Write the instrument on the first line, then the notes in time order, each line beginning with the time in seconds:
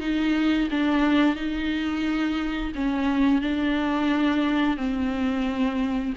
viola
0.00 D#4
0.70 D4
1.35 D#4
2.75 C#4
3.41 D4
4.77 C4